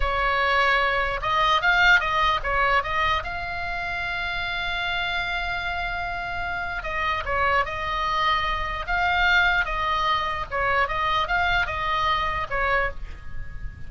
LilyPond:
\new Staff \with { instrumentName = "oboe" } { \time 4/4 \tempo 4 = 149 cis''2. dis''4 | f''4 dis''4 cis''4 dis''4 | f''1~ | f''1~ |
f''4 dis''4 cis''4 dis''4~ | dis''2 f''2 | dis''2 cis''4 dis''4 | f''4 dis''2 cis''4 | }